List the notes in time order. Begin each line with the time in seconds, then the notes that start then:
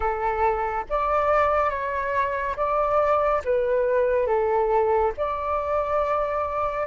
0.00 A4
0.89 D5
1.69 C#5
2.56 D5
3.44 B4
4.26 A4
5.17 D5